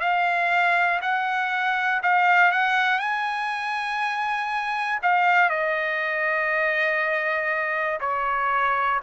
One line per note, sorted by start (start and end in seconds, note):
0.00 1.00 F5
1.01 2.01 F#5
2.02 2.51 F5
2.51 2.99 F#5
2.99 4.99 G#5
5.02 5.49 F5
5.49 7.99 D#5
8.00 9.00 C#5